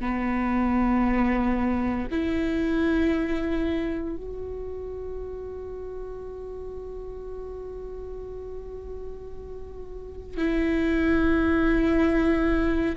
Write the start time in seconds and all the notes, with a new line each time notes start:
0.00 B3
2.11 E4
4.16 F#4
10.37 E4